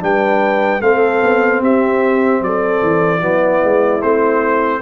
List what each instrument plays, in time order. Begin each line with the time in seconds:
0.00 tuba G3, trombone D4, horn B4, trumpet G5
0.81 tuba A3, trombone C4, horn A4, trumpet F5
1.22 tuba B3
1.60 tuba C4, horn G4, trumpet E5
2.41 tuba F#3, horn A4, trumpet D5
2.82 tuba E3
3.19 tuba F#3, trombone B3, horn E4
3.64 tuba G#3
4.02 tuba A3, trombone C4, trumpet C5